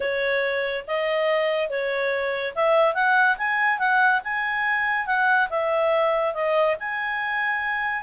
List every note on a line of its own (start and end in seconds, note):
0.00 0.85 C#5
0.87 1.69 D#5
1.69 2.54 C#5
2.55 2.94 E5
2.94 3.36 F#5
3.37 3.78 G#5
3.78 4.21 F#5
4.24 5.06 G#5
5.06 5.48 F#5
5.49 6.33 E5
6.33 6.76 D#5
6.79 8.03 G#5